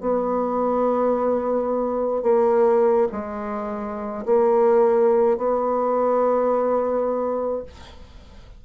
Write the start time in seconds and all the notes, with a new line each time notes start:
0.00 B3
2.23 A#3
3.12 G#3
4.26 A#3
5.38 B3